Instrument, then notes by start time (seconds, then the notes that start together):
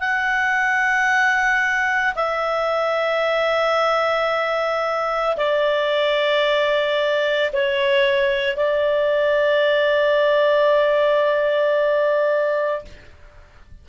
clarinet
0.00 F#5
2.15 E5
5.37 D5
7.52 C#5
8.56 D5